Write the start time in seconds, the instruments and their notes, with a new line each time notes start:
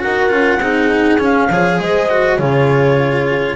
0.00 double bass D#4, cello F#4, horn A#4, clarinet F#5
0.29 double bass C#4, cello F4
0.58 double bass C4, cello D#4, horn G#4
1.17 double bass C#4, cello C#4, clarinet F5
1.49 double bass F3, cello G#4, horn C#5
1.79 double bass G#3, horn C5, clarinet D#5
2.09 cello F#4
2.38 double bass C#3, cello F4, horn G#4, clarinet C#5